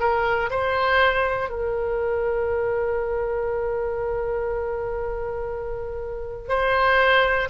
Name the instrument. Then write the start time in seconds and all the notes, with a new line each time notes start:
oboe
0.00 A#4
0.50 C5
1.50 A#4
6.49 C5